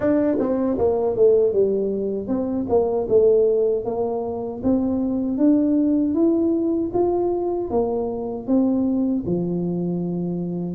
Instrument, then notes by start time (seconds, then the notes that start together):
tuba
0.00 D4
0.38 C4
0.77 A#3
1.16 A3
1.52 G3
2.27 C4
2.69 A#3
3.08 A3
3.85 A#3
4.63 C4
5.37 D4
6.14 E4
6.93 F4
7.70 A#3
8.47 C4
9.26 F3